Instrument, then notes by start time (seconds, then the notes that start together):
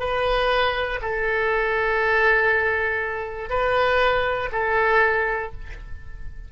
oboe
0.00 B4
1.02 A4
3.50 B4
4.52 A4